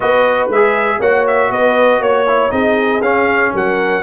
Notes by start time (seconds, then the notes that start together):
0.00 B3 F#4 B4 D#5
0.49 G#3 G#4 E5
0.99 A#3 F#4 C#5 F#5
1.27 E5
1.50 B3 B4 D#5
1.99 A#3 C#5
2.26 E4
2.50 C4 D#4 G#4 D#5
3.01 C#4 F5
3.53 F#3 A#4 F#5